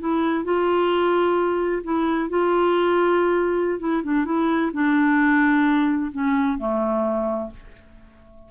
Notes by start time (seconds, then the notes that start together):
0.00 E4
0.44 F4
1.84 E4
2.30 F4
3.80 E4
4.04 D4
4.25 E4
4.73 D4
6.12 C#4
6.58 A3